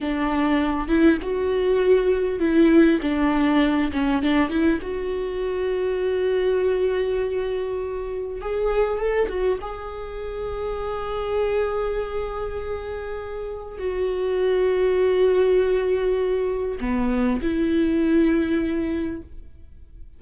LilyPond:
\new Staff \with { instrumentName = "viola" } { \time 4/4 \tempo 4 = 100 d'4. e'8 fis'2 | e'4 d'4. cis'8 d'8 e'8 | fis'1~ | fis'2 gis'4 a'8 fis'8 |
gis'1~ | gis'2. fis'4~ | fis'1 | b4 e'2. | }